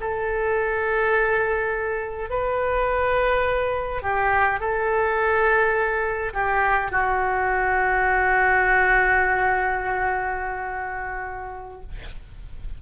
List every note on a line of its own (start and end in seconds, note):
0.00 2.30 A4
2.30 4.02 B4
4.02 4.59 G4
4.60 6.33 A4
6.34 6.91 G4
6.91 11.82 F#4